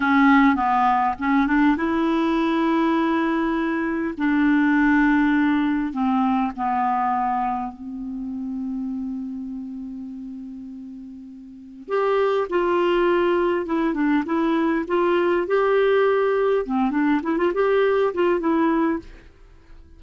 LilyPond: \new Staff \with { instrumentName = "clarinet" } { \time 4/4 \tempo 4 = 101 cis'4 b4 cis'8 d'8 e'4~ | e'2. d'4~ | d'2 c'4 b4~ | b4 c'2.~ |
c'1 | g'4 f'2 e'8 d'8 | e'4 f'4 g'2 | c'8 d'8 e'16 f'16 g'4 f'8 e'4 | }